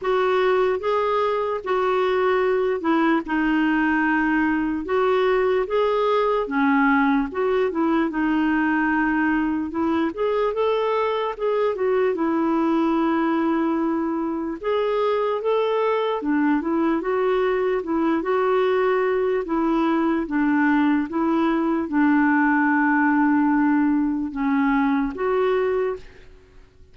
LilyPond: \new Staff \with { instrumentName = "clarinet" } { \time 4/4 \tempo 4 = 74 fis'4 gis'4 fis'4. e'8 | dis'2 fis'4 gis'4 | cis'4 fis'8 e'8 dis'2 | e'8 gis'8 a'4 gis'8 fis'8 e'4~ |
e'2 gis'4 a'4 | d'8 e'8 fis'4 e'8 fis'4. | e'4 d'4 e'4 d'4~ | d'2 cis'4 fis'4 | }